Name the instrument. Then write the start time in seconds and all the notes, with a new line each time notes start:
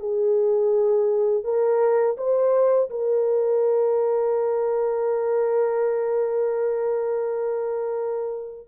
horn
0.00 G#4
1.44 A#4
2.18 C5
2.90 A#4